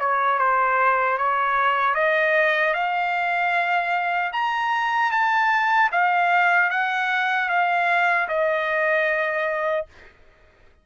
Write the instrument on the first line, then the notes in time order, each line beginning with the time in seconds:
trumpet
0.00 C#5
0.39 C5
1.18 C#5
1.95 D#5
2.74 F5
4.33 A#5
5.11 A5
5.92 F5
6.70 F#5
7.49 F5
8.28 D#5